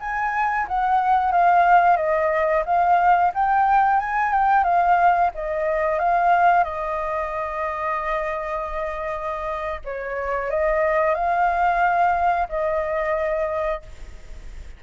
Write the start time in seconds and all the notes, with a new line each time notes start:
0.00 G#5
0.68 F#5
1.32 F5
1.96 D#5
2.65 F5
3.34 G5
3.99 G#5
4.32 G5
4.64 F5
5.34 D#5
5.99 F5
6.64 D#5
9.84 C#5
10.50 D#5
11.14 F5
12.49 D#5